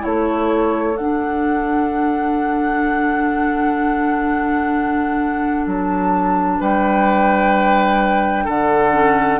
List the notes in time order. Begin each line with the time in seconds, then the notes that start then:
0.00 A3 E4 A4 C#5
0.97 D4 F#5
5.66 F#3 A5
6.61 G3 B4 G5
8.45 D3 A4 F#5
8.93 C#4